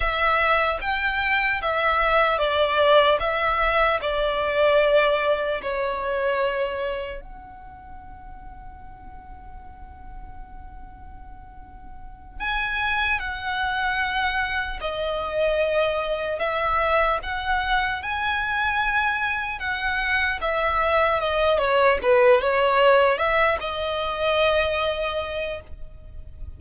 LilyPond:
\new Staff \with { instrumentName = "violin" } { \time 4/4 \tempo 4 = 75 e''4 g''4 e''4 d''4 | e''4 d''2 cis''4~ | cis''4 fis''2.~ | fis''2.~ fis''8 gis''8~ |
gis''8 fis''2 dis''4.~ | dis''8 e''4 fis''4 gis''4.~ | gis''8 fis''4 e''4 dis''8 cis''8 b'8 | cis''4 e''8 dis''2~ dis''8 | }